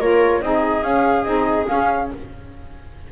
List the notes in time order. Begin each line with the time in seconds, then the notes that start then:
0.00 A#3 F4 A#4 C#5
0.41 C4 D#4 G#4 D#5
0.82 C#4 F5
1.24 C4 D#4 D#5
1.67 C#4 F5